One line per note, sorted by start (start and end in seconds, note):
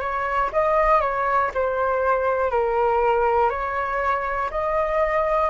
0.00 0.50 C#5
0.53 1.01 D#5
1.01 1.51 C#5
1.54 2.51 C5
2.51 3.50 A#4
3.50 4.50 C#5
4.50 5.50 D#5